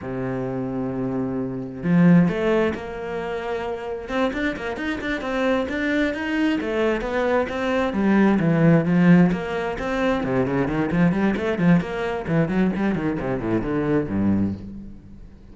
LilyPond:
\new Staff \with { instrumentName = "cello" } { \time 4/4 \tempo 4 = 132 c1 | f4 a4 ais2~ | ais4 c'8 d'8 ais8 dis'8 d'8 c'8~ | c'8 d'4 dis'4 a4 b8~ |
b8 c'4 g4 e4 f8~ | f8 ais4 c'4 c8 cis8 dis8 | f8 g8 a8 f8 ais4 e8 fis8 | g8 dis8 c8 a,8 d4 g,4 | }